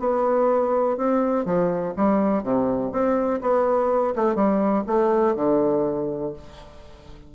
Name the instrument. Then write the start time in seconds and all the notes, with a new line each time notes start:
bassoon
0.00 B3
0.98 C4
1.46 F3
1.97 G3
2.44 C3
2.92 C4
3.42 B3
4.16 A3
4.35 G3
4.87 A3
5.36 D3